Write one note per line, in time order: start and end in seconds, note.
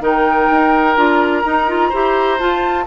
0.00 0.47 D#3
0.00 0.95 D#4
0.00 1.90 A#4
0.00 0.97 G5
0.51 0.97 D#4
0.96 1.44 D4
0.96 1.43 F4
0.96 2.39 A#5
1.45 1.68 D#4
1.45 1.93 D#4
1.68 1.92 F4
1.90 2.40 E4
1.90 2.39 G4
1.90 2.84 C5
2.39 2.86 F4
2.39 2.87 F4
2.39 2.87 A5